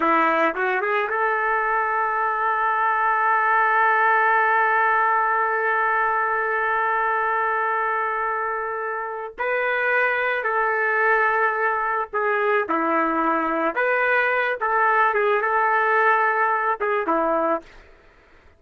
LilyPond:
\new Staff \with { instrumentName = "trumpet" } { \time 4/4 \tempo 4 = 109 e'4 fis'8 gis'8 a'2~ | a'1~ | a'1~ | a'1~ |
a'4 b'2 a'4~ | a'2 gis'4 e'4~ | e'4 b'4. a'4 gis'8 | a'2~ a'8 gis'8 e'4 | }